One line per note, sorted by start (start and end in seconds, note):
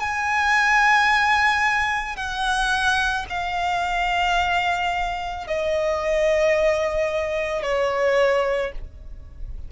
0.00 2.17 G#5
2.17 3.26 F#5
3.30 5.47 F5
5.47 7.63 D#5
7.63 8.72 C#5